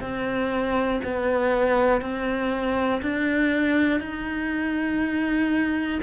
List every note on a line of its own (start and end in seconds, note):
0.00 1.00 C4
1.04 2.01 B3
2.01 3.01 C4
3.02 4.00 D4
4.00 6.00 D#4